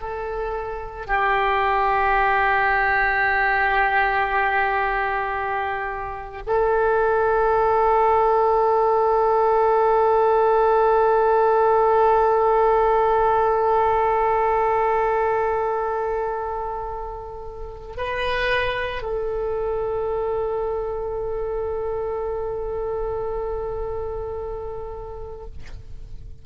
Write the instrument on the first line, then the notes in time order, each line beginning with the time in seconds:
oboe
0.00 A4
1.07 G4
6.46 A4
17.97 B4
19.02 A4